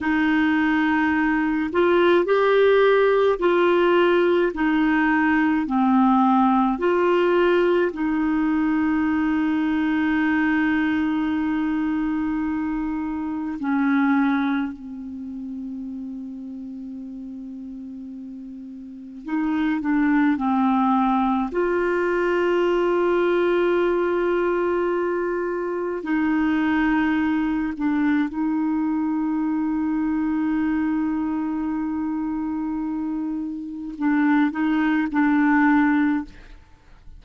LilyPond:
\new Staff \with { instrumentName = "clarinet" } { \time 4/4 \tempo 4 = 53 dis'4. f'8 g'4 f'4 | dis'4 c'4 f'4 dis'4~ | dis'1 | cis'4 c'2.~ |
c'4 dis'8 d'8 c'4 f'4~ | f'2. dis'4~ | dis'8 d'8 dis'2.~ | dis'2 d'8 dis'8 d'4 | }